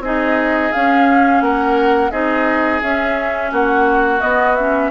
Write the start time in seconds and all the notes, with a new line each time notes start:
0.00 C4 D#4 G#4 D#5
0.72 C#4 F5
1.41 A#3 A#4 F#5
2.11 C4 D#4 G#4 D#5
2.82 C#4 E5
3.52 A#3 F#4 F#5
4.21 B3 D#5
4.56 C#4 E5